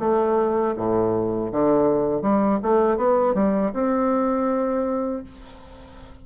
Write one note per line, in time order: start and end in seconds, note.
0.00 0.75 A3
0.76 1.51 A2
1.52 2.22 D3
2.22 2.59 G3
2.63 2.97 A3
2.97 3.34 B3
3.34 3.72 G3
3.73 5.23 C4